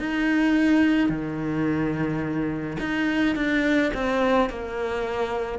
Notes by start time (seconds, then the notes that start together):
0.00 D#4
1.10 D#3
2.80 D#4
3.36 D4
3.95 C4
4.50 A#3